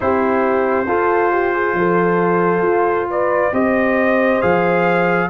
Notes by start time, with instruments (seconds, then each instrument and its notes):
0.00 tuba C4, trombone E4, horn G4, trumpet C5
0.87 tuba F4, trombone F4, horn A4
1.32 horn G4
1.53 horn G#4
1.73 tuba F3, horn A4
2.62 tuba F4
3.10 horn B4, trumpet D5
3.52 tuba C4, trombone G4, horn C5, trumpet D#5
4.41 tuba F3, trombone G#4, trumpet F5